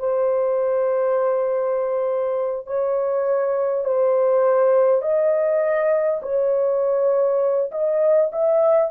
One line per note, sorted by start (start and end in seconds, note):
0.00 2.67 C5
2.67 3.85 C#5
3.85 5.03 C5
5.03 6.21 D#5
6.23 7.71 C#5
7.72 8.31 D#5
8.33 8.92 E5